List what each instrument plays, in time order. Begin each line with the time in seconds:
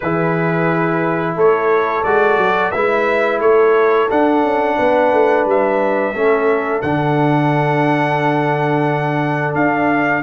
0.00 tuba E3, trombone E4, horn G#4, trumpet B4
1.35 tuba A3, horn A4, trumpet C#5
2.03 tuba G#3, trombone F#4, trumpet D5
2.37 tuba F#3
2.71 tuba G#3, trombone E4, horn B4, trumpet E5
3.39 tuba A3, horn A4, trumpet C#5
4.09 trombone D4, tuba D4, trumpet F#5
4.44 tuba C#4
4.77 tuba B3, horn B4
5.12 tuba A3
5.45 tuba G3, trumpet E5
6.13 tuba A3, trombone C#4, horn A4
6.81 tuba D3, trombone D4, trumpet F#5
9.54 tuba D4, trumpet F5